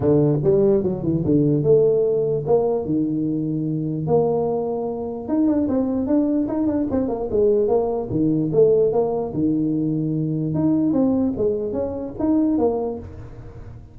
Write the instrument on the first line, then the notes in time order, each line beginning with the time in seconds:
tuba
0.00 D3
0.43 G3
0.83 F#3
1.03 E3
1.25 D3
1.63 A3
2.46 A#3
2.85 D#3
4.06 A#3
5.28 D#4
5.47 D4
5.68 C4
6.06 D4
6.48 D#4
6.66 D4
6.90 C4
7.08 A#3
7.31 G#3
7.68 A#3
8.10 D#3
8.52 A3
8.92 A#3
9.33 D#3
10.54 D#4
10.92 C4
11.37 G#3
11.72 C#4
12.19 D#4
12.58 A#3